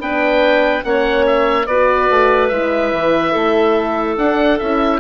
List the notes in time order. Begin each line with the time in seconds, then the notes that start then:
0.00 B3 D4 B4 G5
0.83 A#3 C#4 C#5 F#5
1.27 E5
1.67 B3 F#4 B4 D5
2.10 A3
2.49 G#3 E4 E5
2.93 E3
3.32 A3 A4
4.17 D4 F#5
4.59 C#4 E4 E5